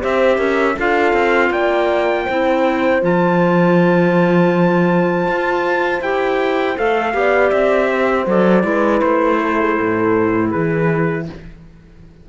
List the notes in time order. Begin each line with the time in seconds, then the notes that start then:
0.00 C4 G4 C5 E5
0.38 C#4 A#4
0.76 D4 F4 A4 F5
1.13 C4
1.51 A#3 D5 G5
2.25 C4 E4 C5
3.02 F3 F4 A5
5.27 F4
6.01 E4 G4 G5
6.76 A3 A4 F5
7.14 B3 G4 D5
7.50 C4 E5
7.91 C5
8.27 F#3 A4 D5
8.63 G#3 E4 B4
9.01 A3 C5
9.39 A4
9.60 G#4
9.77 A2 A4
10.50 E3 G#4 B4